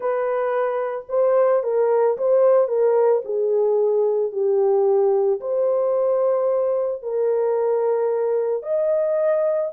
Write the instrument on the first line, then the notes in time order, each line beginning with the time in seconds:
horn
0.00 B4
1.09 C5
1.63 A#4
2.17 C5
2.68 A#4
3.24 G#4
4.31 G4
5.40 C5
7.02 A#4
8.62 D#5